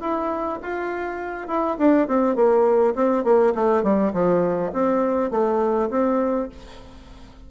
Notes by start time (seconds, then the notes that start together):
0.00 E4
0.62 F4
1.47 E4
1.78 D4
2.07 C4
2.35 A#3
2.95 C4
3.24 A#3
3.54 A3
3.83 G3
4.13 F3
4.72 C4
5.30 A3
5.90 C4